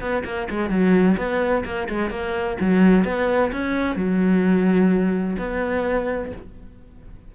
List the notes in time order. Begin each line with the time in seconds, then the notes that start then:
0.00 B3
0.25 A#3
0.50 G#3
0.70 F#3
1.18 B3
1.65 A#3
1.89 G#3
2.10 A#3
2.60 F#3
3.05 B3
3.52 C#4
3.96 F#3
5.38 B3